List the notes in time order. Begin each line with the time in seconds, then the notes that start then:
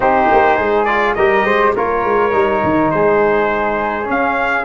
0.00 C4 D#4 G4 C5
0.31 A#3
0.56 G#3 G#4
0.85 F4 D5
1.14 G3 G4 A#4 D#5
1.44 G#3 C5
1.75 A#3 F4 A#4 C#5
2.04 G#3
2.31 G3 D#4
2.63 D#3
2.90 G#3 G#4 C5
4.04 C#4 F5